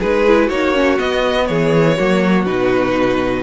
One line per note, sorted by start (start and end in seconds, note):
0.00 0.50 G#3
0.00 0.27 D#4
0.00 0.46 G#4
0.00 0.49 B4
0.27 0.51 E4
0.46 0.99 A#3
0.46 0.75 D#4
0.46 1.44 F#4
0.46 0.99 C#5
0.75 0.99 C#4
0.99 1.97 B3
0.99 1.49 B3
0.99 1.47 D#5
1.47 1.98 E3
1.47 1.97 G#4
1.47 2.45 C#5
1.97 2.46 F#3
1.97 2.47 A#3
1.97 3.43 F#4
2.46 3.43 B2
2.46 3.43 D#4
2.46 3.43 B4